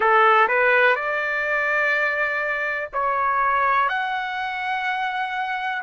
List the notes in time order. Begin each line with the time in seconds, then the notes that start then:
0.00 A4
0.48 B4
0.95 D5
2.93 C#5
3.88 F#5